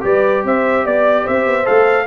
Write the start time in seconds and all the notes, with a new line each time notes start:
0.00 G3 G4 B4 D5
0.44 C4 C5 E5
0.84 B3 D5
1.24 C4 C5 E5
1.46 B3
1.65 A3 A4 F5